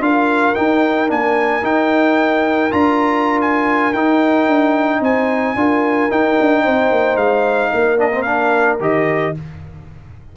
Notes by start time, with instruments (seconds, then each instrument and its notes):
0.00 tuba D4, trombone F4, horn A#4, trumpet F5
0.55 trombone D#4, tuba D#4, trumpet G5
1.08 tuba A#3, trombone D4, trumpet G#5
1.62 trombone D#4, tuba D#4, trumpet G5
2.71 tuba D4, trombone F4, trumpet A#5
3.41 trumpet G#5
3.93 tuba D#4, trombone D#4, trumpet G5
4.47 tuba D4
5.01 tuba C4, horn C5, trumpet G#5
5.55 tuba D4, trombone F4, horn A#4
6.10 trombone D#4, tuba D#4, trumpet G5
6.40 tuba D4
6.63 tuba C4, horn C5
6.91 tuba A#3
7.16 tuba G#3, trumpet F5
7.73 tuba A#3, horn A#4
7.98 trombone D4, trumpet D#5
8.12 trombone C4
8.22 trombone D4, trumpet F5
8.80 tuba D#3, trombone G4, trumpet D#5